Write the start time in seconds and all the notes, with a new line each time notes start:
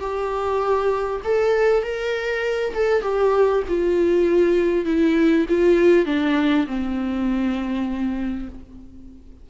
0.00 G4
1.24 A4
1.83 A#4
2.74 A4
3.02 G4
3.68 F4
4.85 E4
5.49 F4
6.06 D4
6.67 C4